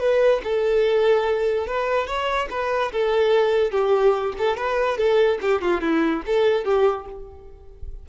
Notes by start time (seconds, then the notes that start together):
0.00 B4
0.44 A4
1.67 B4
2.07 C#5
2.50 B4
2.92 A4
3.71 G4
4.38 A4
4.57 B4
4.97 A4
5.41 G4
5.61 F4
5.81 E4
6.26 A4
6.64 G4